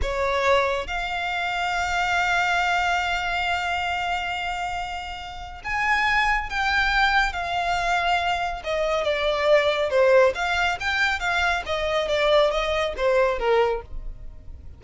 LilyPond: \new Staff \with { instrumentName = "violin" } { \time 4/4 \tempo 4 = 139 cis''2 f''2~ | f''1~ | f''1~ | f''4 gis''2 g''4~ |
g''4 f''2. | dis''4 d''2 c''4 | f''4 g''4 f''4 dis''4 | d''4 dis''4 c''4 ais'4 | }